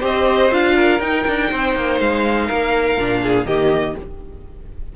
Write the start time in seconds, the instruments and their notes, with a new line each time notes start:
0.00 cello C4, viola G4, violin C5 D#5
0.51 cello D4, viola F4, violin F5
0.76 violin A#4
1.00 cello D#4, viola D#4, violin G5
1.27 cello D4
1.50 cello C4, violin C5
1.75 cello A#3
2.00 cello G#3, violin F5
2.46 cello A#3, violin A#4
2.97 cello A#2, viola D4
3.23 violin G#4
3.45 cello D#3, viola A#3, violin G4 D#5